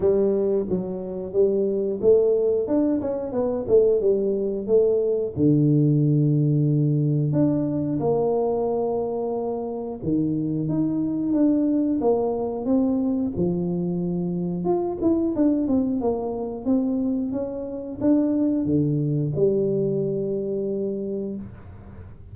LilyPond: \new Staff \with { instrumentName = "tuba" } { \time 4/4 \tempo 4 = 90 g4 fis4 g4 a4 | d'8 cis'8 b8 a8 g4 a4 | d2. d'4 | ais2. dis4 |
dis'4 d'4 ais4 c'4 | f2 f'8 e'8 d'8 c'8 | ais4 c'4 cis'4 d'4 | d4 g2. | }